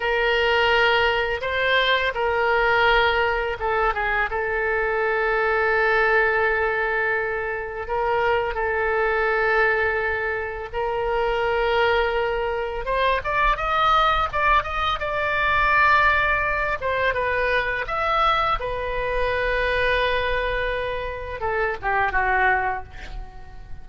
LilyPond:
\new Staff \with { instrumentName = "oboe" } { \time 4/4 \tempo 4 = 84 ais'2 c''4 ais'4~ | ais'4 a'8 gis'8 a'2~ | a'2. ais'4 | a'2. ais'4~ |
ais'2 c''8 d''8 dis''4 | d''8 dis''8 d''2~ d''8 c''8 | b'4 e''4 b'2~ | b'2 a'8 g'8 fis'4 | }